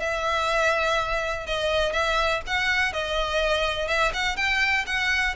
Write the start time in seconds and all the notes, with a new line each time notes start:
0.00 E5
1.46 D#5
1.92 E5
2.47 F#5
2.93 D#5
3.88 E5
4.14 F#5
4.36 G5
4.86 F#5